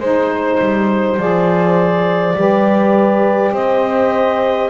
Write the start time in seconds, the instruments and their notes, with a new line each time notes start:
0.00 double bass G#3, saxophone D#4, horn C5, clarinet C5
0.60 double bass G3
1.17 double bass F3, saxophone G#4, clarinet D5
2.36 double bass G3, saxophone G4, horn B4
3.52 double bass C4, horn C5, clarinet D#5